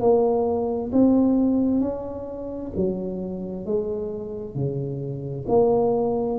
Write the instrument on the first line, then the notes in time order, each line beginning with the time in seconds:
tuba
0.00 A#3
0.92 C4
1.81 C#4
2.76 F#3
3.66 G#3
4.55 C#3
5.48 A#3